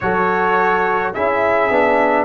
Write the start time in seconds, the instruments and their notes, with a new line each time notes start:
0.00 tuba F#3, trombone F#4, horn A4, trumpet C#5
1.13 tuba C#4, trombone E4, horn G#4, trumpet E5
1.70 tuba B3, trombone D4